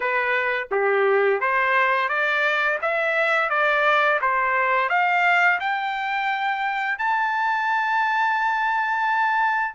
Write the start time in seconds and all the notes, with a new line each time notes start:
0.00 B4
0.71 G4
1.40 C5
2.08 D5
2.81 E5
3.49 D5
4.21 C5
4.89 F5
5.59 G5
6.98 A5